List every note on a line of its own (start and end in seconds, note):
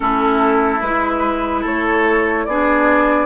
0.00 0.81 A3
0.00 0.79 C#4
0.00 1.61 E4
0.00 0.81 A4
0.81 1.64 G#3
0.81 2.49 E4
0.81 1.63 B4
1.61 2.46 A3
1.61 2.43 A4
1.61 2.45 C#5
2.45 3.26 B3
2.45 3.26 D4
2.45 3.26 G#4
2.45 3.26 D5